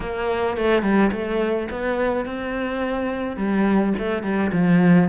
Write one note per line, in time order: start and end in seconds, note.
0.00 0.57 A#3
0.57 0.82 A3
0.82 1.10 G3
1.12 1.68 A3
1.70 2.25 B3
2.25 3.37 C4
3.37 3.93 G3
3.98 4.22 A3
4.22 4.51 G3
4.52 5.09 F3